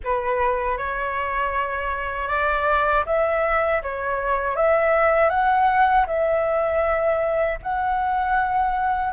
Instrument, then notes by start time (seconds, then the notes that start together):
flute
0.03 B4
0.77 C#5
2.28 D5
3.06 E5
3.82 C#5
4.56 E5
5.29 F#5
6.06 E5
7.62 F#5